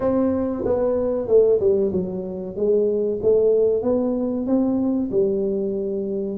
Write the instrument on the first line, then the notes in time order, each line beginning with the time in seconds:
tuba
0.00 C4
0.65 B3
1.27 A3
1.60 G3
1.92 F#3
2.55 G#3
3.22 A3
3.82 B3
4.46 C4
5.11 G3